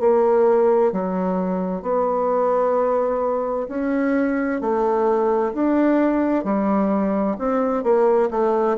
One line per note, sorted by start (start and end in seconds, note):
0.00 0.92 A#3
0.93 1.83 F#3
1.83 3.68 B3
3.69 4.61 C#4
4.61 5.53 A3
5.54 6.44 D4
6.44 7.37 G3
7.39 7.84 C4
7.84 8.30 A#3
8.31 8.77 A3